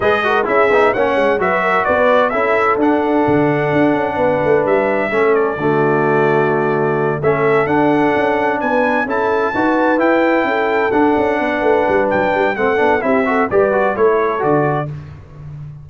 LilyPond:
<<
  \new Staff \with { instrumentName = "trumpet" } { \time 4/4 \tempo 4 = 129 dis''4 e''4 fis''4 e''4 | d''4 e''4 fis''2~ | fis''2 e''4. d''8~ | d''2.~ d''8 e''8~ |
e''8 fis''2 gis''4 a''8~ | a''4. g''2 fis''8~ | fis''2 g''4 fis''4 | e''4 d''4 cis''4 d''4 | }
  \new Staff \with { instrumentName = "horn" } { \time 4/4 b'8 ais'8 gis'4 cis''4 b'8 ais'8 | b'4 a'2.~ | a'4 b'2 a'4 | fis'2.~ fis'8 a'8~ |
a'2~ a'8 b'4 a'8~ | a'8 b'2 a'4.~ | a'8 b'2~ b'8 a'4 | g'8 a'8 b'4 a'2 | }
  \new Staff \with { instrumentName = "trombone" } { \time 4/4 gis'8 fis'8 e'8 dis'8 cis'4 fis'4~ | fis'4 e'4 d'2~ | d'2. cis'4 | a2.~ a8 cis'8~ |
cis'8 d'2. e'8~ | e'8 fis'4 e'2 d'8~ | d'2. c'8 d'8 | e'8 fis'8 g'8 fis'8 e'4 fis'4 | }
  \new Staff \with { instrumentName = "tuba" } { \time 4/4 gis4 cis'8 b8 ais8 gis8 fis4 | b4 cis'4 d'4 d4 | d'8 cis'8 b8 a8 g4 a4 | d2.~ d8 a8~ |
a8 d'4 cis'4 b4 cis'8~ | cis'8 dis'4 e'4 cis'4 d'8 | cis'8 b8 a8 g8 fis8 g8 a8 b8 | c'4 g4 a4 d4 | }
>>